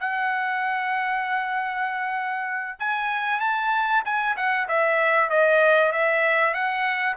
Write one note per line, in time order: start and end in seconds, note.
0.00 2.80 F#5
2.80 3.41 G#5
3.41 4.03 A5
4.05 4.36 G#5
4.37 4.68 F#5
4.68 5.30 E5
5.30 5.92 D#5
5.92 6.54 E5
6.54 7.16 F#5